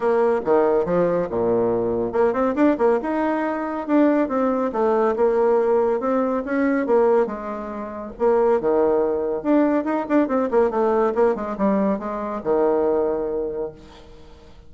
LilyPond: \new Staff \with { instrumentName = "bassoon" } { \time 4/4 \tempo 4 = 140 ais4 dis4 f4 ais,4~ | ais,4 ais8 c'8 d'8 ais8 dis'4~ | dis'4 d'4 c'4 a4 | ais2 c'4 cis'4 |
ais4 gis2 ais4 | dis2 d'4 dis'8 d'8 | c'8 ais8 a4 ais8 gis8 g4 | gis4 dis2. | }